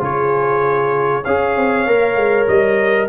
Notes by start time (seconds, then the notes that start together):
0.00 C#3 F4 G#4 C#5
1.23 C#4 G#4 C#5 F5
1.56 C4
1.87 A#3 A#4
2.16 G#3
2.48 G3 D#5